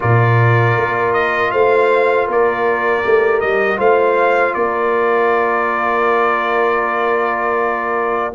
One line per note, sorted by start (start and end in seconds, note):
0.00 0.77 A#2
0.00 3.03 F4
0.00 1.50 A#4
0.00 1.13 D5
0.77 1.52 A#3
1.13 1.51 D#5
1.51 2.28 A3
1.51 2.27 C5
1.51 2.27 F5
2.27 3.04 A#3
2.27 3.78 A#4
2.27 3.40 D5
3.03 3.42 A3
3.03 3.76 G4
3.40 3.78 G3
3.40 3.78 D#5
3.76 4.54 A3
3.76 8.32 F4
3.76 4.54 C5
3.76 4.53 F5
4.53 8.34 A#3
4.53 8.34 A#4
4.53 8.33 D5